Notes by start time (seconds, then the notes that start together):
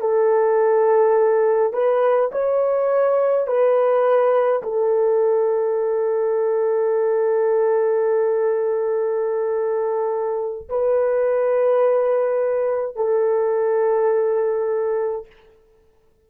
0.00 A4
1.73 B4
2.31 C#5
3.47 B4
4.62 A4
10.69 B4
12.95 A4